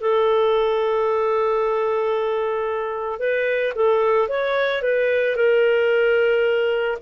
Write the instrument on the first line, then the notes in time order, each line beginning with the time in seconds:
clarinet
0.00 A4
3.19 B4
3.75 A4
4.28 C#5
4.82 B4
5.36 A#4